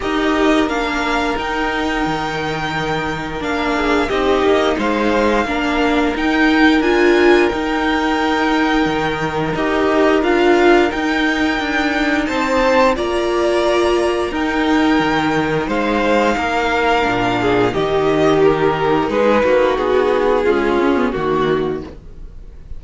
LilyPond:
<<
  \new Staff \with { instrumentName = "violin" } { \time 4/4 \tempo 4 = 88 dis''4 f''4 g''2~ | g''4 f''4 dis''4 f''4~ | f''4 g''4 gis''4 g''4~ | g''2 dis''4 f''4 |
g''2 a''4 ais''4~ | ais''4 g''2 f''4~ | f''2 dis''4 ais'4 | b'4 gis'2 fis'4 | }
  \new Staff \with { instrumentName = "violin" } { \time 4/4 ais'1~ | ais'4. gis'8 g'4 c''4 | ais'1~ | ais'1~ |
ais'2 c''4 d''4~ | d''4 ais'2 c''4 | ais'4. gis'8 g'2 | gis'8 fis'4. f'4 fis'4 | }
  \new Staff \with { instrumentName = "viola" } { \time 4/4 g'4 d'4 dis'2~ | dis'4 d'4 dis'2 | d'4 dis'4 f'4 dis'4~ | dis'2 g'4 f'4 |
dis'2. f'4~ | f'4 dis'2.~ | dis'4 d'4 dis'2~ | dis'2 gis8 cis'16 b16 ais4 | }
  \new Staff \with { instrumentName = "cello" } { \time 4/4 dis'4 ais4 dis'4 dis4~ | dis4 ais4 c'8 ais8 gis4 | ais4 dis'4 d'4 dis'4~ | dis'4 dis4 dis'4 d'4 |
dis'4 d'4 c'4 ais4~ | ais4 dis'4 dis4 gis4 | ais4 ais,4 dis2 | gis8 ais8 b4 cis'4 dis4 | }
>>